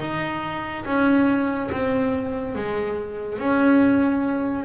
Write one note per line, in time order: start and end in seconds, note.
0.00 0.85 D#4
0.85 1.69 C#4
1.71 2.55 C4
2.55 3.38 G#3
3.38 4.65 C#4